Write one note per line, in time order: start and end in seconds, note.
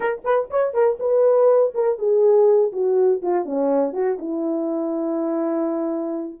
0.00 0.22 A#4
0.24 0.49 B4
0.50 0.73 C#5
0.73 0.98 A#4
0.99 1.73 B4
1.74 1.98 A#4
1.98 2.72 G#4
2.72 3.21 F#4
3.22 3.45 F4
3.45 3.93 C#4
3.93 4.17 F#4
4.18 6.40 E4